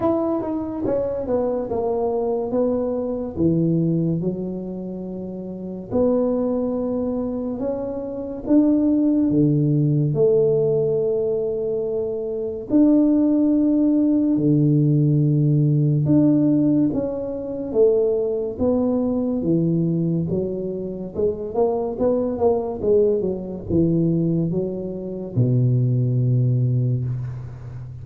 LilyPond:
\new Staff \with { instrumentName = "tuba" } { \time 4/4 \tempo 4 = 71 e'8 dis'8 cis'8 b8 ais4 b4 | e4 fis2 b4~ | b4 cis'4 d'4 d4 | a2. d'4~ |
d'4 d2 d'4 | cis'4 a4 b4 e4 | fis4 gis8 ais8 b8 ais8 gis8 fis8 | e4 fis4 b,2 | }